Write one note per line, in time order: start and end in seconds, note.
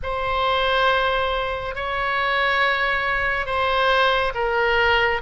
0.02 1.75 C5
1.75 3.45 C#5
3.45 4.32 C5
4.34 5.21 A#4